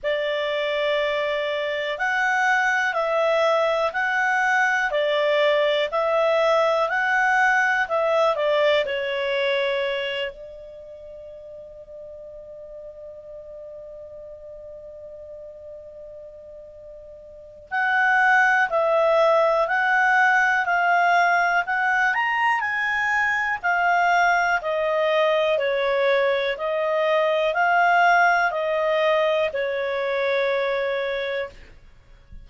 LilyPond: \new Staff \with { instrumentName = "clarinet" } { \time 4/4 \tempo 4 = 61 d''2 fis''4 e''4 | fis''4 d''4 e''4 fis''4 | e''8 d''8 cis''4. d''4.~ | d''1~ |
d''2 fis''4 e''4 | fis''4 f''4 fis''8 ais''8 gis''4 | f''4 dis''4 cis''4 dis''4 | f''4 dis''4 cis''2 | }